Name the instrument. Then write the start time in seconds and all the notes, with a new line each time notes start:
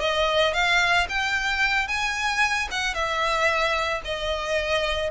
violin
0.00 D#5
0.53 F5
1.09 G5
1.87 G#5
2.71 F#5
2.94 E5
4.04 D#5